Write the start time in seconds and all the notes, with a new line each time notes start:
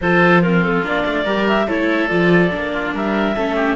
0.01 F3 F4 A4 C5
0.42 C4 F4 A#4
0.63 A4
0.82 A#3 D4 D5
1.05 A3
1.24 G3 G4 A#4
1.48 E5
1.67 A3 E4 A4 C#5
2.08 F3 F4 D5
2.51 A#3 D4
2.72 F4
2.93 G3 A#4 E5
3.35 A3 C#4 A4
3.55 G4